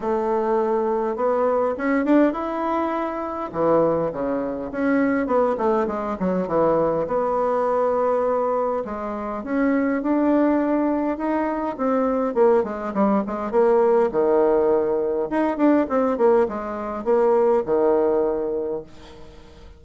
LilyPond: \new Staff \with { instrumentName = "bassoon" } { \time 4/4 \tempo 4 = 102 a2 b4 cis'8 d'8 | e'2 e4 cis4 | cis'4 b8 a8 gis8 fis8 e4 | b2. gis4 |
cis'4 d'2 dis'4 | c'4 ais8 gis8 g8 gis8 ais4 | dis2 dis'8 d'8 c'8 ais8 | gis4 ais4 dis2 | }